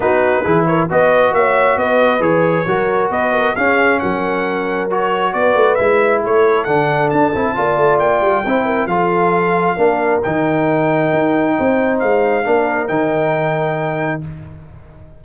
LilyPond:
<<
  \new Staff \with { instrumentName = "trumpet" } { \time 4/4 \tempo 4 = 135 b'4. cis''8 dis''4 e''4 | dis''4 cis''2 dis''4 | f''4 fis''2 cis''4 | d''4 e''4 cis''4 fis''4 |
a''2 g''2 | f''2. g''4~ | g''2. f''4~ | f''4 g''2. | }
  \new Staff \with { instrumentName = "horn" } { \time 4/4 fis'4 gis'8 ais'8 b'4 cis''4 | b'2 ais'4 b'8 ais'8 | gis'4 ais'2. | b'2 a'2~ |
a'4 d''2 c''8 ais'8 | a'2 ais'2~ | ais'2 c''2 | ais'1 | }
  \new Staff \with { instrumentName = "trombone" } { \time 4/4 dis'4 e'4 fis'2~ | fis'4 gis'4 fis'2 | cis'2. fis'4~ | fis'4 e'2 d'4~ |
d'8 e'8 f'2 e'4 | f'2 d'4 dis'4~ | dis'1 | d'4 dis'2. | }
  \new Staff \with { instrumentName = "tuba" } { \time 4/4 b4 e4 b4 ais4 | b4 e4 fis4 b4 | cis'4 fis2. | b8 a8 gis4 a4 d4 |
d'8 c'8 ais8 a8 ais8 g8 c'4 | f2 ais4 dis4~ | dis4 dis'4 c'4 gis4 | ais4 dis2. | }
>>